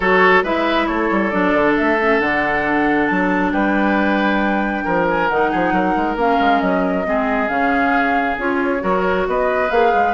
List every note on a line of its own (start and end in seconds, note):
0.00 0.43 F#3
0.00 0.44 F#4
0.00 0.43 A4
0.00 0.44 C#5
0.43 0.87 G#3
0.43 1.31 E4
0.43 0.87 B4
0.43 0.86 E5
0.86 1.10 A3
0.86 3.52 A4
0.86 1.30 C#5
1.10 1.32 G3
1.30 1.53 F#3
1.30 1.97 D4
1.30 1.74 D5
1.53 1.75 D3
1.76 2.20 A3
1.76 2.20 E5
2.01 2.20 C#4
2.20 3.08 D3
2.20 5.29 D4
2.20 3.06 F#5
3.06 3.53 F#3
3.06 3.50 A5
3.52 4.85 G3
3.52 4.84 B4
3.52 5.06 G5
4.84 5.30 F3
4.84 5.50 A#4
5.08 5.27 G#5
5.27 5.52 D#3
5.27 6.18 D#4
5.27 6.16 F#5
5.50 5.72 F3
5.50 5.73 G#4
5.72 5.94 F#3
5.72 7.06 A#4
5.96 6.15 G#3
6.15 6.37 A#3
6.15 7.04 C#4
6.15 6.60 F5
6.40 6.61 G#3
6.60 7.06 F#3
6.60 7.48 D#5
7.04 7.49 G#3
7.04 7.48 C4
7.04 8.83 G#4
7.48 8.37 C#3
7.48 8.36 C#4
7.48 8.36 F5
8.38 8.82 C#4
8.38 8.79 F4
8.38 9.28 C#5
8.79 9.27 F#3
8.79 9.67 F#4
8.79 9.27 A#4
9.27 9.70 B3
9.27 10.13 B4
9.27 9.70 D#5
9.70 9.92 A#3
9.70 10.13 G#4
9.70 10.13 F5
9.93 10.13 G#3